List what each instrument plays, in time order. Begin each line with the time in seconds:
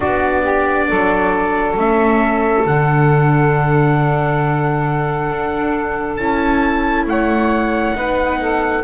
0.00 double bass B3, viola D4, saxophone F#4, trumpet D5
0.42 saxophone G4
0.87 double bass F#3, saxophone A4
1.76 double bass A3, viola C#4, trumpet E5
2.65 double bass D3, viola D4, trumpet F#5
5.29 double bass D4
6.16 double bass C#4, viola E4, trumpet A5
7.05 double bass A3, saxophone C#5, trumpet F#5
7.94 double bass B3, viola D#4, saxophone B4
8.40 saxophone A4